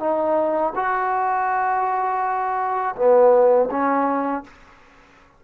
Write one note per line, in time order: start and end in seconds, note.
0.00 0.73 D#4
0.75 2.95 F#4
2.96 3.69 B3
3.71 4.44 C#4